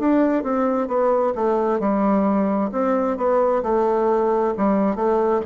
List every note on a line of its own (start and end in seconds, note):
0.00 0.44 D4
0.44 0.88 C4
0.88 1.33 B3
1.36 1.80 A3
1.80 2.71 G3
2.72 3.18 C4
3.18 3.63 B3
3.64 4.55 A3
4.58 4.96 G3
4.96 5.41 A3